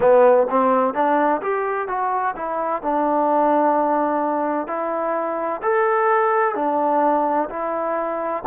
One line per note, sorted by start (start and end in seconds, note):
0.00 0.47 B3
0.49 0.94 C4
0.94 1.41 D4
1.41 1.87 G4
1.87 2.34 F#4
2.36 2.82 E4
2.82 4.67 D4
4.67 5.61 E4
5.62 6.55 A4
6.55 7.48 D4
7.49 8.43 E4